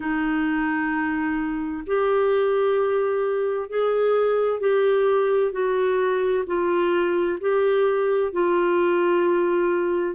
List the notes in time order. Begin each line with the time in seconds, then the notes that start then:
0.00 D#4
1.86 G4
3.69 G#4
4.59 G4
5.52 F#4
6.46 F4
7.40 G4
8.32 F4